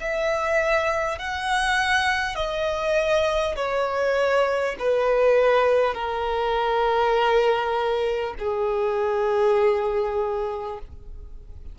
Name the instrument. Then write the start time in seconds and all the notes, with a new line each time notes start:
violin
0.00 E5
1.18 F#5
2.35 D#5
3.56 C#5
4.79 B4
5.94 A#4
8.39 G#4